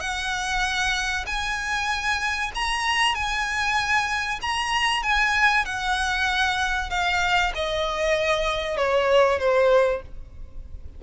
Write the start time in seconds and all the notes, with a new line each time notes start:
0.00 F#5
1.26 G#5
2.55 A#5
3.15 G#5
4.41 A#5
5.03 G#5
5.65 F#5
6.90 F5
7.55 D#5
8.77 C#5
9.39 C5